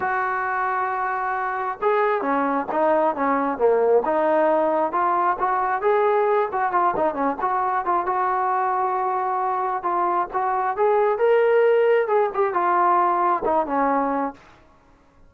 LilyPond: \new Staff \with { instrumentName = "trombone" } { \time 4/4 \tempo 4 = 134 fis'1 | gis'4 cis'4 dis'4 cis'4 | ais4 dis'2 f'4 | fis'4 gis'4. fis'8 f'8 dis'8 |
cis'8 fis'4 f'8 fis'2~ | fis'2 f'4 fis'4 | gis'4 ais'2 gis'8 g'8 | f'2 dis'8 cis'4. | }